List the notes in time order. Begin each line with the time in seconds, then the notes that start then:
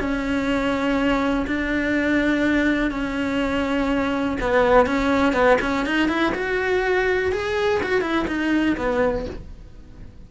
0.00 C#4
1.47 D4
2.91 C#4
4.41 B3
4.86 C#4
5.34 B3
5.62 C#4
5.86 D#4
6.09 E4
6.35 F#4
7.33 G#4
7.83 F#4
8.02 E4
8.28 D#4
8.78 B3